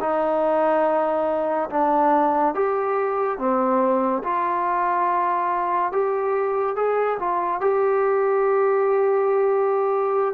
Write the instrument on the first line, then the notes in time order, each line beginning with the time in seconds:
trombone
0.00 D#4
1.70 D4
2.54 G4
3.38 C4
4.23 F4
5.92 G4
6.76 G#4
7.19 F4
7.61 G4